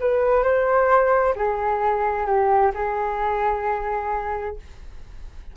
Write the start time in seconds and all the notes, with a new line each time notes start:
0.00 B4
0.43 C5
1.35 G#4
2.26 G4
2.74 G#4